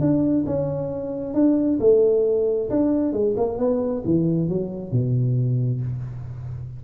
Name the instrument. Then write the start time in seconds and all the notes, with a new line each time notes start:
tuba
0.00 D4
0.46 C#4
1.34 D4
1.80 A3
2.70 D4
3.13 G#3
3.37 A#3
3.58 B3
4.05 E3
4.49 F#3
4.92 B2